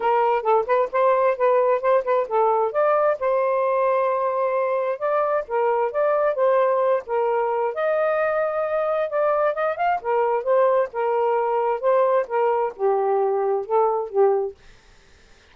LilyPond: \new Staff \with { instrumentName = "saxophone" } { \time 4/4 \tempo 4 = 132 ais'4 a'8 b'8 c''4 b'4 | c''8 b'8 a'4 d''4 c''4~ | c''2. d''4 | ais'4 d''4 c''4. ais'8~ |
ais'4 dis''2. | d''4 dis''8 f''8 ais'4 c''4 | ais'2 c''4 ais'4 | g'2 a'4 g'4 | }